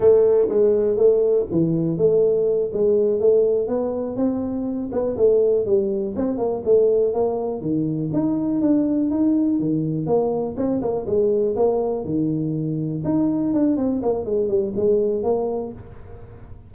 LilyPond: \new Staff \with { instrumentName = "tuba" } { \time 4/4 \tempo 4 = 122 a4 gis4 a4 e4 | a4. gis4 a4 b8~ | b8 c'4. b8 a4 g8~ | g8 c'8 ais8 a4 ais4 dis8~ |
dis8 dis'4 d'4 dis'4 dis8~ | dis8 ais4 c'8 ais8 gis4 ais8~ | ais8 dis2 dis'4 d'8 | c'8 ais8 gis8 g8 gis4 ais4 | }